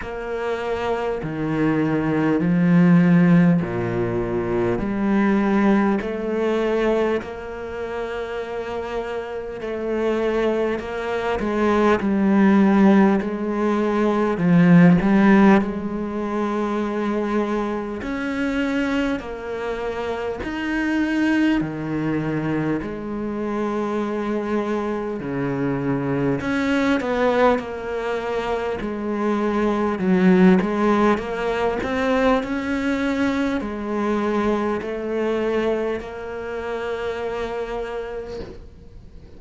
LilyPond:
\new Staff \with { instrumentName = "cello" } { \time 4/4 \tempo 4 = 50 ais4 dis4 f4 ais,4 | g4 a4 ais2 | a4 ais8 gis8 g4 gis4 | f8 g8 gis2 cis'4 |
ais4 dis'4 dis4 gis4~ | gis4 cis4 cis'8 b8 ais4 | gis4 fis8 gis8 ais8 c'8 cis'4 | gis4 a4 ais2 | }